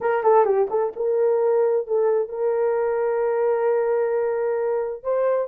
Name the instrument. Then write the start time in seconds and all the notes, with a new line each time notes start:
horn
0.01 A#4
0.23 A4
0.44 G4
0.70 A4
0.96 A#4
1.87 A4
2.28 A#4
5.03 C5